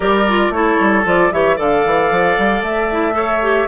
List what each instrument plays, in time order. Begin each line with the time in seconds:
0.00 bassoon G3, clarinet G4, oboe A#4, flute D5
0.28 clarinet F4
0.49 bassoon A3, clarinet E4, oboe A4, flute C#5
0.80 bassoon G3
1.04 bassoon F3, clarinet F4, flute D5
1.32 bassoon E3, clarinet G4, oboe C#5, flute E5
1.56 bassoon D3, clarinet A4, oboe D5, flute F5
1.85 bassoon E3
2.10 bassoon F3
2.37 bassoon G3
2.62 bassoon A3, flute E5
2.91 clarinet E4
3.12 clarinet A4, oboe C#5
3.42 clarinet G4